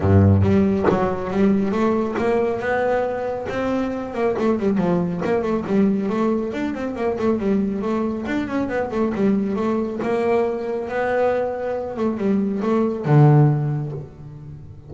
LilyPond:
\new Staff \with { instrumentName = "double bass" } { \time 4/4 \tempo 4 = 138 g,4 g4 fis4 g4 | a4 ais4 b2 | c'4. ais8 a8 g8 f4 | ais8 a8 g4 a4 d'8 c'8 |
ais8 a8 g4 a4 d'8 cis'8 | b8 a8 g4 a4 ais4~ | ais4 b2~ b8 a8 | g4 a4 d2 | }